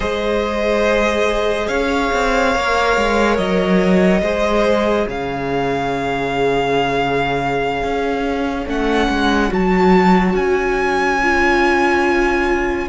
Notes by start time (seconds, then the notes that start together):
0.00 G#3 G#4 C5 D#5
1.67 C#4 C#5 F5
2.13 C4
2.53 A#3 A#4
2.96 G#3
3.37 F#3 D#5
4.22 G#3 G#4 C5
5.06 C#3 C#5 F5
7.83 C#4
8.66 A3 C#4 F#5
9.08 G#3
9.49 F#3 F#4 A5
10.34 C#4 G#5
11.22 F4